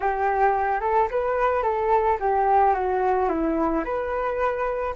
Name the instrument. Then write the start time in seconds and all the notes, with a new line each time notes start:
flute
0.00 G4
0.81 A4
1.10 B4
1.62 A4
2.19 G4
2.74 F#4
3.29 E4
3.84 B4